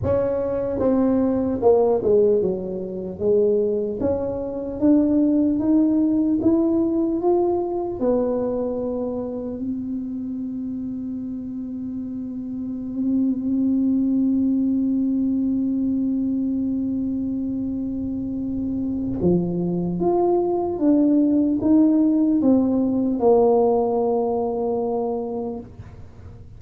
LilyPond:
\new Staff \with { instrumentName = "tuba" } { \time 4/4 \tempo 4 = 75 cis'4 c'4 ais8 gis8 fis4 | gis4 cis'4 d'4 dis'4 | e'4 f'4 b2 | c'1~ |
c'1~ | c'1 | f4 f'4 d'4 dis'4 | c'4 ais2. | }